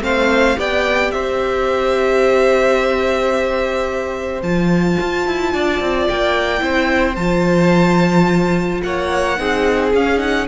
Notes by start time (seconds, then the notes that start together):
0.00 A3 C4 C5 F5
0.55 B3 G4 D5 G5
1.11 C4 C5 E5
4.42 F3 F4 A5
5.00 F4
5.26 E4
5.53 D4 D5
5.80 C4
6.08 A#3 G5
6.58 C4 E4 C5
7.15 F3 F4 A5
8.82 A#3 C#5 F#5
9.36 C4 D#4 G#4
9.93 C#4 F5
10.17 D#4 F#5